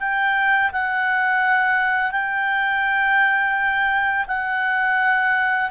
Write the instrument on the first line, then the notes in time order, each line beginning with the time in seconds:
clarinet
0.00 G5
0.72 F#5
2.11 G5
4.28 F#5